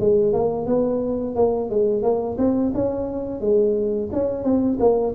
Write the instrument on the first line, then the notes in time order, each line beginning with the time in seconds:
tuba
0.00 G#3
0.33 A#3
0.66 B3
1.35 A#3
1.70 G#3
2.03 A#3
2.38 C4
2.74 C#4
3.41 G#3
4.13 C#4
4.44 C4
4.80 A#3